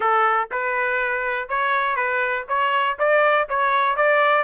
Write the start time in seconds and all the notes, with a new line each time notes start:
0.00 A4
0.51 B4
1.48 C#5
1.95 B4
2.48 C#5
2.98 D5
3.48 C#5
3.96 D5